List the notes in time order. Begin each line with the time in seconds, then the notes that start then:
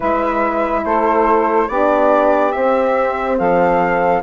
0.00 G#3 E4 B4 E5
0.84 A3 A4 C5
1.68 B3 D4 G4 D5
2.52 C4 E5
3.38 F3 A4 F5